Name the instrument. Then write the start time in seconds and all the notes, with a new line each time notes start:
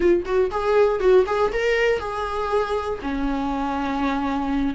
viola
0.00 F4
0.25 F#4
0.50 G#4
1.00 F#4
1.26 G#4
1.52 A#4
1.99 G#4
3.02 C#4